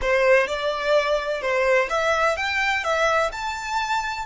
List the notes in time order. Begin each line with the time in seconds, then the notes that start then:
0.01 C5
0.47 D5
1.41 C5
1.89 E5
2.36 G5
2.83 E5
3.32 A5